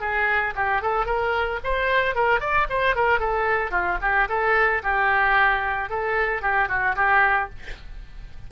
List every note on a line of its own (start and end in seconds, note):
0.00 0.54 G#4
0.55 0.82 G4
0.82 1.05 A4
1.05 1.59 A#4
1.63 2.15 C5
2.15 2.40 A#4
2.40 2.67 D5
2.69 2.95 C5
2.95 3.19 A#4
3.19 3.71 A4
3.71 3.98 F4
4.01 4.28 G4
4.29 4.82 A4
4.83 5.89 G4
5.89 6.41 A4
6.41 6.68 G4
6.68 6.95 F#4
6.95 7.49 G4